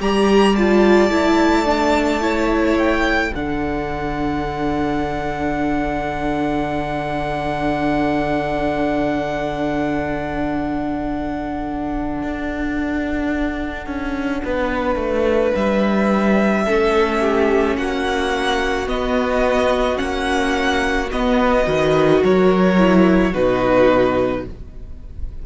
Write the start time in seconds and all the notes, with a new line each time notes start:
0.00 G3 G4 D5 A#5
0.56 F4 A5
1.10 A3 E4
1.66 D4
2.21 E4 C#5
2.79 G5
3.30 D3 A4 F#5
3.36 D4
12.23 D4
13.87 C#4
14.45 B3 B4
14.96 A3
15.55 G3 E5
16.64 A3 C#4 A4
17.21 G4
17.77 A#3 F#4 F#5
18.87 B3 D#5
19.96 A#3 C#4 F#5
21.12 B3 D#5
21.65 D#3 F#4 B4
22.23 F#3 A#4 C#5
22.78 E4
23.31 B2 D#4 F#4 B4